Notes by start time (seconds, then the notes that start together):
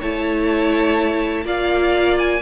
0.00 A3 E4 C#5 A5
1.45 A#3 F4 D5 F5
2.19 G#5